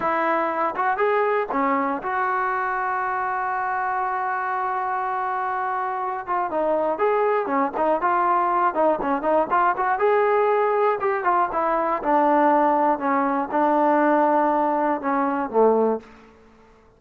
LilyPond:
\new Staff \with { instrumentName = "trombone" } { \time 4/4 \tempo 4 = 120 e'4. fis'8 gis'4 cis'4 | fis'1~ | fis'1~ | fis'8 f'8 dis'4 gis'4 cis'8 dis'8 |
f'4. dis'8 cis'8 dis'8 f'8 fis'8 | gis'2 g'8 f'8 e'4 | d'2 cis'4 d'4~ | d'2 cis'4 a4 | }